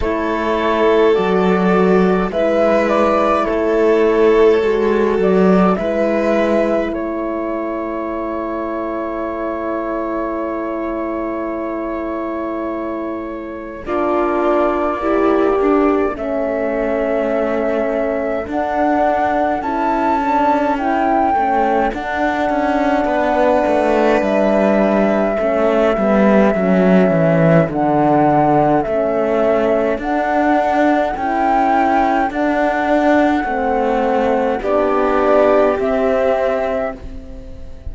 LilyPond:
<<
  \new Staff \with { instrumentName = "flute" } { \time 4/4 \tempo 4 = 52 cis''4 d''4 e''8 d''8 cis''4~ | cis''8 d''8 e''4 cis''2~ | cis''1 | d''2 e''2 |
fis''4 a''4 g''4 fis''4~ | fis''4 e''2. | fis''4 e''4 fis''4 g''4 | fis''2 d''4 e''4 | }
  \new Staff \with { instrumentName = "violin" } { \time 4/4 a'2 b'4 a'4~ | a'4 b'4 a'2~ | a'1 | f'4 e'8 d'8 a'2~ |
a'1 | b'2 a'2~ | a'1~ | a'2 g'2 | }
  \new Staff \with { instrumentName = "horn" } { \time 4/4 e'4 fis'4 e'2 | fis'4 e'2.~ | e'1 | d'4 g'4 cis'2 |
d'4 e'8 d'8 e'8 cis'8 d'4~ | d'2 cis'8 b8 cis'4 | d'4 cis'4 d'4 e'4 | d'4 c'4 d'4 c'4 | }
  \new Staff \with { instrumentName = "cello" } { \time 4/4 a4 fis4 gis4 a4 | gis8 fis8 gis4 a2~ | a1 | ais2 a2 |
d'4 cis'4. a8 d'8 cis'8 | b8 a8 g4 a8 g8 fis8 e8 | d4 a4 d'4 cis'4 | d'4 a4 b4 c'4 | }
>>